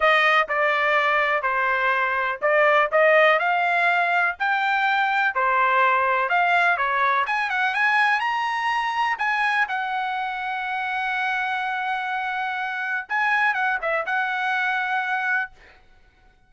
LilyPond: \new Staff \with { instrumentName = "trumpet" } { \time 4/4 \tempo 4 = 124 dis''4 d''2 c''4~ | c''4 d''4 dis''4 f''4~ | f''4 g''2 c''4~ | c''4 f''4 cis''4 gis''8 fis''8 |
gis''4 ais''2 gis''4 | fis''1~ | fis''2. gis''4 | fis''8 e''8 fis''2. | }